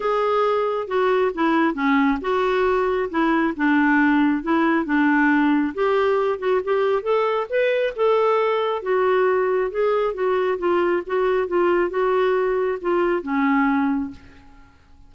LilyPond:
\new Staff \with { instrumentName = "clarinet" } { \time 4/4 \tempo 4 = 136 gis'2 fis'4 e'4 | cis'4 fis'2 e'4 | d'2 e'4 d'4~ | d'4 g'4. fis'8 g'4 |
a'4 b'4 a'2 | fis'2 gis'4 fis'4 | f'4 fis'4 f'4 fis'4~ | fis'4 f'4 cis'2 | }